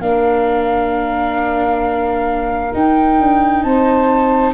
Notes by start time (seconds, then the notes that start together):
0.00 A#3 D4 A#4 F5
2.73 D#4 G5
3.20 D4
3.63 C4 C5 A5